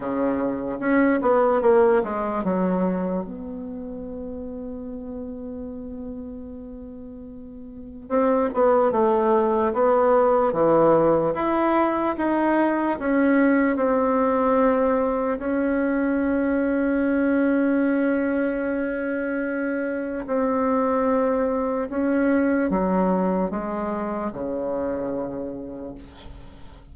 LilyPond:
\new Staff \with { instrumentName = "bassoon" } { \time 4/4 \tempo 4 = 74 cis4 cis'8 b8 ais8 gis8 fis4 | b1~ | b2 c'8 b8 a4 | b4 e4 e'4 dis'4 |
cis'4 c'2 cis'4~ | cis'1~ | cis'4 c'2 cis'4 | fis4 gis4 cis2 | }